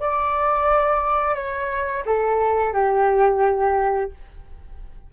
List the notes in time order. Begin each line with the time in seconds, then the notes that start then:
0.00 D5
1.35 C#5
2.06 A4
2.73 G4